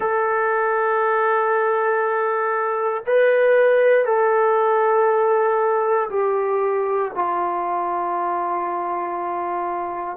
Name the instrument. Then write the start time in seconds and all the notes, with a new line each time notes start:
trombone
0.00 A4
3.06 B4
4.05 A4
6.09 G4
7.14 F4